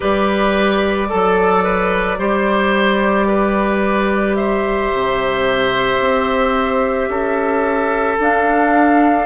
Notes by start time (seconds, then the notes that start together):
0.00 G3 G4 B4 D5
1.08 F#3 A4
1.63 B4
2.18 G3 G4 C5
3.27 B4
4.35 C5 E5
4.93 C3
5.99 C4
7.08 C#4 A4
8.19 D4 F5